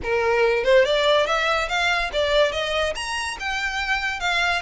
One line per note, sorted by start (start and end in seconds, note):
0.02 0.64 A#4
0.64 0.84 C5
0.84 1.26 D5
1.26 1.68 E5
1.68 2.10 F5
2.12 2.52 D5
2.52 2.94 D#5
2.95 3.37 A#5
3.39 4.20 G5
4.20 4.62 F5